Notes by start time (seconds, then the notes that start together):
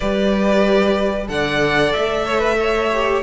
0.00 G3 G4 B4 D5
1.27 D3 A4 D5 F#5
1.93 A3 E5
2.26 C#5
2.39 B4
2.59 C#5
2.92 G4